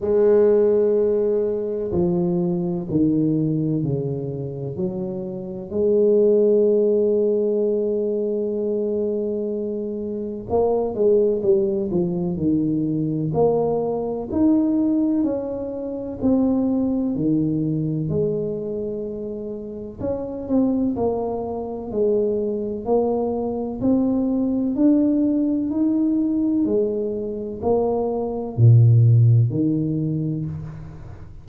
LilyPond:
\new Staff \with { instrumentName = "tuba" } { \time 4/4 \tempo 4 = 63 gis2 f4 dis4 | cis4 fis4 gis2~ | gis2. ais8 gis8 | g8 f8 dis4 ais4 dis'4 |
cis'4 c'4 dis4 gis4~ | gis4 cis'8 c'8 ais4 gis4 | ais4 c'4 d'4 dis'4 | gis4 ais4 ais,4 dis4 | }